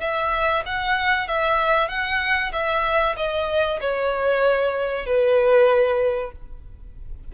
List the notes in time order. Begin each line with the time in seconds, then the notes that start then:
0.00 E5
0.65 F#5
1.27 E5
1.88 F#5
2.52 E5
3.16 D#5
3.80 C#5
5.05 B4